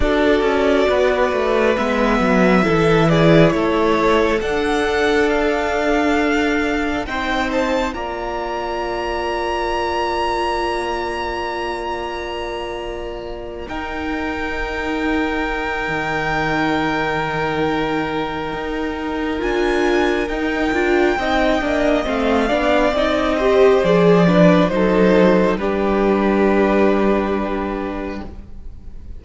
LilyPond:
<<
  \new Staff \with { instrumentName = "violin" } { \time 4/4 \tempo 4 = 68 d''2 e''4. d''8 | cis''4 fis''4 f''2 | g''8 a''8 ais''2.~ | ais''2.~ ais''8 g''8~ |
g''1~ | g''2 gis''4 g''4~ | g''4 f''4 dis''4 d''4 | c''4 b'2. | }
  \new Staff \with { instrumentName = "violin" } { \time 4/4 a'4 b'2 a'8 gis'8 | a'1 | c''4 d''2.~ | d''2.~ d''8 ais'8~ |
ais'1~ | ais'1 | dis''4. d''4 c''4 b'8 | a'4 g'2. | }
  \new Staff \with { instrumentName = "viola" } { \time 4/4 fis'2 b4 e'4~ | e'4 d'2. | dis'4 f'2.~ | f'2.~ f'8 dis'8~ |
dis'1~ | dis'2 f'4 dis'8 f'8 | dis'8 d'8 c'8 d'8 dis'8 g'8 gis'8 d'8 | dis'4 d'2. | }
  \new Staff \with { instrumentName = "cello" } { \time 4/4 d'8 cis'8 b8 a8 gis8 fis8 e4 | a4 d'2. | c'4 ais2.~ | ais2.~ ais8 dis'8~ |
dis'2 dis2~ | dis4 dis'4 d'4 dis'8 d'8 | c'8 ais8 a8 b8 c'4 f4 | fis4 g2. | }
>>